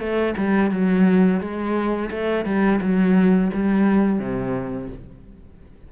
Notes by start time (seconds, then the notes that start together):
0.00 A3
0.38 G3
0.71 F#3
1.40 G#3
2.11 A3
2.45 G3
2.82 F#3
3.54 G3
4.20 C3